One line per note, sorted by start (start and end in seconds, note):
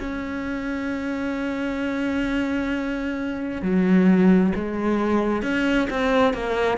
0.00 3.62 C#4
3.62 4.53 F#3
4.55 5.43 G#3
5.43 5.88 C#4
5.90 6.33 C4
6.33 6.78 A#3